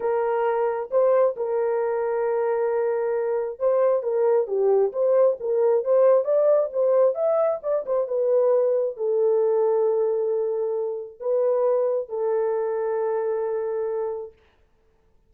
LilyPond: \new Staff \with { instrumentName = "horn" } { \time 4/4 \tempo 4 = 134 ais'2 c''4 ais'4~ | ais'1 | c''4 ais'4 g'4 c''4 | ais'4 c''4 d''4 c''4 |
e''4 d''8 c''8 b'2 | a'1~ | a'4 b'2 a'4~ | a'1 | }